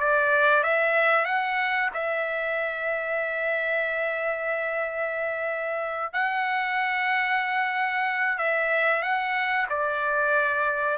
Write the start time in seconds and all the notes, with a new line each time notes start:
0.00 D5
0.64 E5
1.26 F#5
1.94 E5
6.13 F#5
8.38 E5
9.02 F#5
9.70 D5